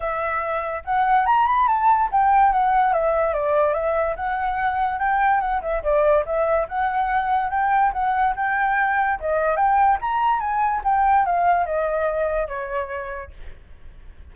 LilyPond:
\new Staff \with { instrumentName = "flute" } { \time 4/4 \tempo 4 = 144 e''2 fis''4 ais''8 b''8 | a''4 g''4 fis''4 e''4 | d''4 e''4 fis''2 | g''4 fis''8 e''8 d''4 e''4 |
fis''2 g''4 fis''4 | g''2 dis''4 g''4 | ais''4 gis''4 g''4 f''4 | dis''2 cis''2 | }